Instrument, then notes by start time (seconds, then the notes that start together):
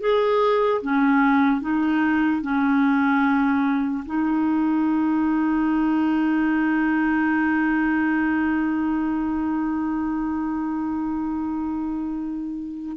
clarinet
0.00 G#4
0.82 C#4
1.61 D#4
2.42 C#4
4.05 D#4